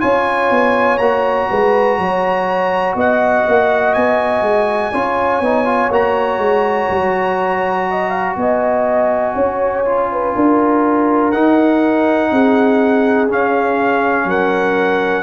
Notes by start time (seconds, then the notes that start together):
0.00 C#4 F4 C#5 G#5
0.50 B3
0.98 A#3 F#4 A#5
1.50 G#3 B4
1.98 F#3 C#5
2.95 B3 D#5 F#5
3.47 A#3
3.94 B3 G#5
4.41 G#3
4.92 C#4 F4 C#5
5.40 B3 D#4
5.65 F4
5.90 A#3 F#4 A#5
6.38 G#3
6.90 F#3
7.90 D#5
8.09 F5
8.36 B3 D#5 G#5
9.35 C#4 C#5
9.85 F4
10.11 B4
10.35 D4 A#4
11.31 D#4 F#5
12.31 C4 G#4
13.28 C#4 F5
14.25 F#3 A#4 F#5